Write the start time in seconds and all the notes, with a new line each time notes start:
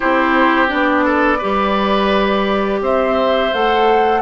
0.00 C4 E4 G4 C5
0.67 B3 D4 D5
1.05 A4
1.38 G3 G4 B4
2.81 C4 C5 E5
3.53 A3 A4 F#5